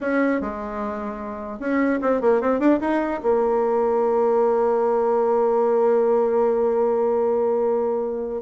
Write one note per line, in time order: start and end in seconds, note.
0.00 0.40 C#4
0.41 1.59 G#3
1.59 1.99 C#4
2.01 2.21 C4
2.21 2.41 A#3
2.41 2.59 C4
2.59 2.79 D4
2.80 3.20 D#4
3.23 8.42 A#3